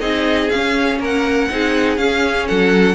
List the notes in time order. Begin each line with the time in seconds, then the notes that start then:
0.00 C4 D#4 G#4 D#5
0.49 C#4 F5
0.56 C#4
0.99 A#3 A#4 F#5
1.50 C4 D#4 G#4
1.97 C#4 F5
2.48 F#3 A4 F#5